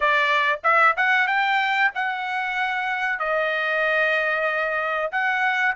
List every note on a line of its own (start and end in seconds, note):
0.00 0.59 D5
0.63 0.95 E5
0.96 1.27 F#5
1.27 1.91 G5
1.94 3.19 F#5
3.19 5.10 D#5
5.11 5.75 F#5